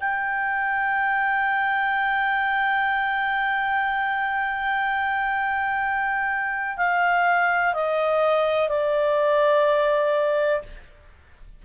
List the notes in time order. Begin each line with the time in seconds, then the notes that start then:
0.00 G5
6.77 F5
7.74 D#5
8.68 D5